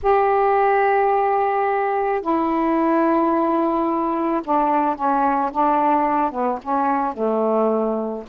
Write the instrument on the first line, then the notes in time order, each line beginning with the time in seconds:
saxophone
0.02 G4
2.21 E4
4.44 D4
4.95 C#4
5.51 D4
6.31 B3
6.62 C#4
7.13 A3